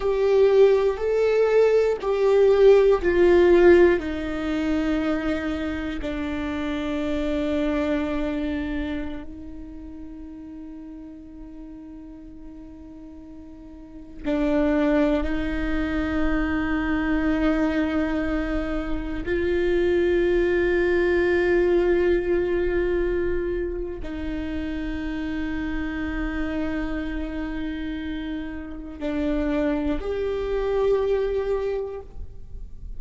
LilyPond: \new Staff \with { instrumentName = "viola" } { \time 4/4 \tempo 4 = 60 g'4 a'4 g'4 f'4 | dis'2 d'2~ | d'4~ d'16 dis'2~ dis'8.~ | dis'2~ dis'16 d'4 dis'8.~ |
dis'2.~ dis'16 f'8.~ | f'1 | dis'1~ | dis'4 d'4 g'2 | }